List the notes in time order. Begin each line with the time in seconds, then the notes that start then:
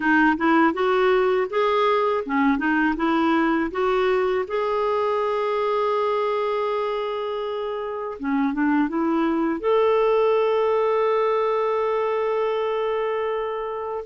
0.00 D#4
0.37 E4
0.73 F#4
1.49 G#4
2.25 C#4
2.57 D#4
2.96 E4
3.71 F#4
4.47 G#4
8.19 C#4
8.53 D4
8.88 E4
9.60 A4